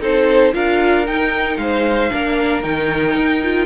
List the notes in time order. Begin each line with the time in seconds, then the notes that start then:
0.00 C4 D#4 A4 C5
0.53 D4 F4 A#4 F5
1.07 D#4 G5
1.57 G#3 C5 F5
2.11 A#3 D4 A#4
2.63 D#3 D#4 G5
3.16 D#4
3.43 F4